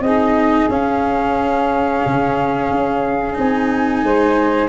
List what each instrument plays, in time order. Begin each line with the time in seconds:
0.00 tuba C4, saxophone G#4, flute D#5
0.07 cello D#4
0.69 tuba C#4, cello C#4, flute F5
2.06 tuba C#3
2.70 tuba C#4
3.34 tuba C4, cello D#4, flute G#5
4.03 tuba G#3, saxophone C5